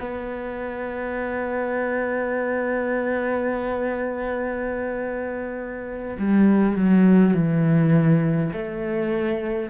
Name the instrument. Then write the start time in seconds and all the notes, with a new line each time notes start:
cello
0.00 B3
6.19 G3
6.76 F#3
7.34 E3
8.52 A3